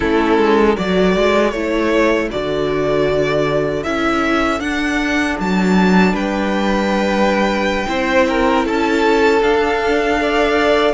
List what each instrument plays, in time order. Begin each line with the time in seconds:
0.00 cello A3, viola C#4, violin E4 A4
0.38 cello G#3
0.76 cello F#3, viola F#4, violin A4 D5
1.16 cello G#3
1.51 cello A3, viola E4, violin C#5
2.30 cello D3, viola F#4, violin D5
3.83 cello C#4, viola E4, violin E5
4.59 viola D4, cello D4, violin F#5
5.39 cello F#3, violin A5
6.13 cello G3, violin B4 G5
7.87 cello C4, viola E4, violin C5
8.28 violin A#4
8.64 cello C#4, violin A4 A5
9.41 viola D4, cello D4, violin F5
10.17 viola A4, violin D5